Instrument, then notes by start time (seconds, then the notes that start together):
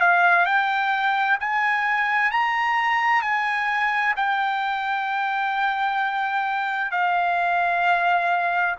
trumpet
0.00 F5
0.45 G5
1.40 G#5
2.31 A#5
3.22 G#5
4.16 G5
6.91 F5